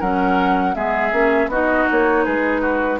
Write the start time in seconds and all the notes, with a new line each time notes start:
0.00 F#3 C#4 A#4 F#5
0.74 G#3 B3 G#4 E5
1.12 A#3 C#4
1.48 B3 D#4 F#4 D#5
1.91 A#3 C#5
2.25 G#3 G#4 B4
2.62 F#4